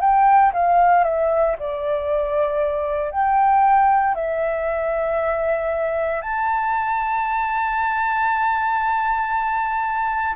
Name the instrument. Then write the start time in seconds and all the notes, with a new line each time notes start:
flute
0.00 G5
0.53 F5
1.04 E5
1.59 D5
3.11 G5
4.15 E5
6.22 A5